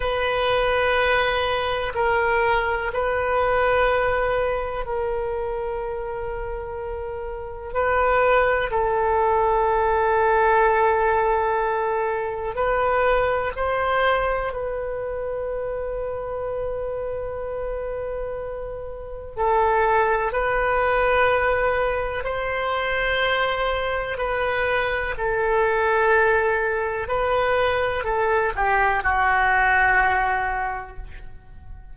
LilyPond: \new Staff \with { instrumentName = "oboe" } { \time 4/4 \tempo 4 = 62 b'2 ais'4 b'4~ | b'4 ais'2. | b'4 a'2.~ | a'4 b'4 c''4 b'4~ |
b'1 | a'4 b'2 c''4~ | c''4 b'4 a'2 | b'4 a'8 g'8 fis'2 | }